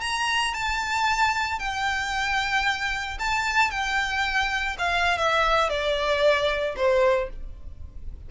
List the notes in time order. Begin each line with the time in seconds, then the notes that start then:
0.00 A#5
0.54 A5
1.59 G5
3.19 A5
3.70 G5
4.78 F5
5.17 E5
5.69 D5
6.76 C5